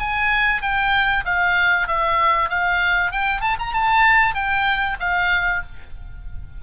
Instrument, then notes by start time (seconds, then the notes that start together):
oboe
0.00 G#5
0.62 G5
1.26 F5
1.88 E5
2.50 F5
3.12 G5
3.41 A5
3.59 A#5
3.73 A5
4.35 G5
5.00 F5